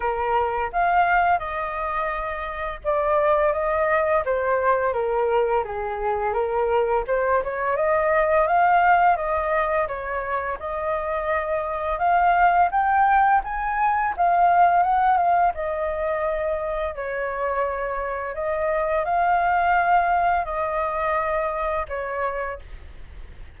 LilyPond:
\new Staff \with { instrumentName = "flute" } { \time 4/4 \tempo 4 = 85 ais'4 f''4 dis''2 | d''4 dis''4 c''4 ais'4 | gis'4 ais'4 c''8 cis''8 dis''4 | f''4 dis''4 cis''4 dis''4~ |
dis''4 f''4 g''4 gis''4 | f''4 fis''8 f''8 dis''2 | cis''2 dis''4 f''4~ | f''4 dis''2 cis''4 | }